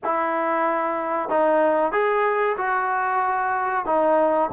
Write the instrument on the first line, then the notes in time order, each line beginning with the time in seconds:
trombone
0.04 E4
1.29 D#4
1.92 G#4
2.57 F#4
3.85 D#4